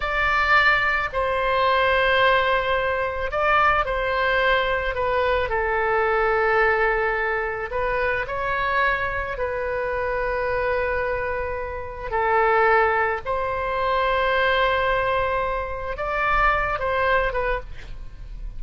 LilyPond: \new Staff \with { instrumentName = "oboe" } { \time 4/4 \tempo 4 = 109 d''2 c''2~ | c''2 d''4 c''4~ | c''4 b'4 a'2~ | a'2 b'4 cis''4~ |
cis''4 b'2.~ | b'2 a'2 | c''1~ | c''4 d''4. c''4 b'8 | }